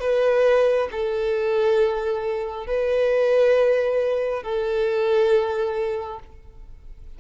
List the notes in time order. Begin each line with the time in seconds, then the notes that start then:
0.00 B4
0.91 A4
2.67 B4
4.43 A4